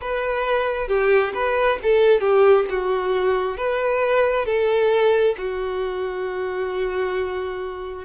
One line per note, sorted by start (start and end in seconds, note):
0.01 0.88 B4
0.88 1.32 G4
1.34 1.78 B4
1.82 2.20 A4
2.20 2.65 G4
2.69 3.57 F#4
3.57 4.45 B4
4.45 5.35 A4
5.37 8.04 F#4